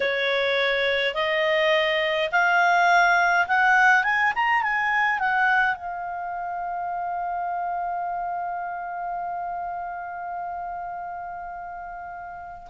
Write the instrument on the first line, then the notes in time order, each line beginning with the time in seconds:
clarinet
0.00 C#5
1.14 D#5
2.31 F5
3.47 F#5
4.03 G#5
4.35 A#5
4.62 G#5
5.19 F#5
5.75 F5